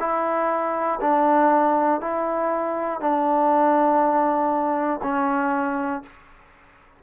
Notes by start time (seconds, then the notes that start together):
0.00 E4
1.00 D4
2.00 E4
3.00 D4
5.03 C#4